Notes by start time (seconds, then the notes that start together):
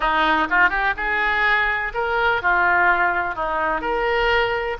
0.00 D#4
0.50 F4
0.69 G4
0.96 G#4
1.93 A#4
2.41 F4
3.35 D#4
3.81 A#4